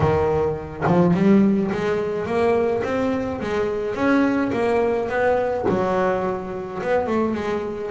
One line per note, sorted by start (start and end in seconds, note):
0.00 0.84 D#3
0.86 1.14 F3
1.14 1.70 G3
1.71 2.25 G#3
2.25 2.82 A#3
2.83 3.40 C4
3.40 3.94 G#3
3.94 4.51 C#4
4.52 5.08 A#3
5.08 5.65 B3
5.69 6.82 F#3
6.82 7.07 B3
7.07 7.34 A3
7.34 7.90 G#3